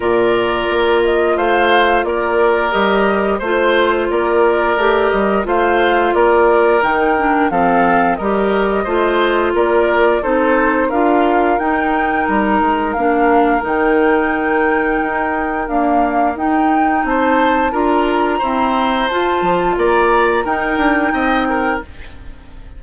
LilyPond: <<
  \new Staff \with { instrumentName = "flute" } { \time 4/4 \tempo 4 = 88 d''4. dis''8 f''4 d''4 | dis''4 c''4 d''4. dis''8 | f''4 d''4 g''4 f''4 | dis''2 d''4 c''4 |
f''4 g''4 ais''4 f''4 | g''2. f''4 | g''4 a''4 ais''2 | a''4 ais''4 g''2 | }
  \new Staff \with { instrumentName = "oboe" } { \time 4/4 ais'2 c''4 ais'4~ | ais'4 c''4 ais'2 | c''4 ais'2 a'4 | ais'4 c''4 ais'4 a'4 |
ais'1~ | ais'1~ | ais'4 c''4 ais'4 c''4~ | c''4 d''4 ais'4 dis''8 ais'8 | }
  \new Staff \with { instrumentName = "clarinet" } { \time 4/4 f'1 | g'4 f'2 g'4 | f'2 dis'8 d'8 c'4 | g'4 f'2 dis'4 |
f'4 dis'2 d'4 | dis'2. ais4 | dis'2 f'4 c'4 | f'2 dis'2 | }
  \new Staff \with { instrumentName = "bassoon" } { \time 4/4 ais,4 ais4 a4 ais4 | g4 a4 ais4 a8 g8 | a4 ais4 dis4 f4 | g4 a4 ais4 c'4 |
d'4 dis'4 g8 gis8 ais4 | dis2 dis'4 d'4 | dis'4 c'4 d'4 e'4 | f'8 f8 ais4 dis'8 d'8 c'4 | }
>>